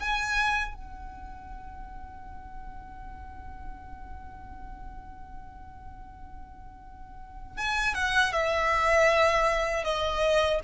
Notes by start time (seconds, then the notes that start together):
0.00 G#5
0.75 F#5
7.58 G#5
7.95 F#5
8.33 E5
9.84 D#5